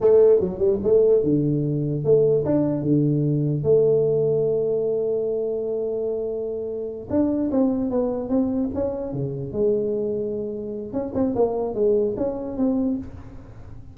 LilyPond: \new Staff \with { instrumentName = "tuba" } { \time 4/4 \tempo 4 = 148 a4 fis8 g8 a4 d4~ | d4 a4 d'4 d4~ | d4 a2.~ | a1~ |
a4. d'4 c'4 b8~ | b8 c'4 cis'4 cis4 gis8~ | gis2. cis'8 c'8 | ais4 gis4 cis'4 c'4 | }